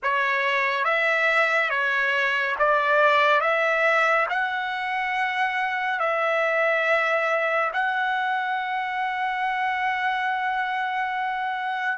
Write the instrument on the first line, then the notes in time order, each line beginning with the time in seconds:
trumpet
0.02 C#5
0.84 E5
1.69 C#5
2.59 D5
3.41 E5
4.29 F#5
5.99 E5
7.73 F#5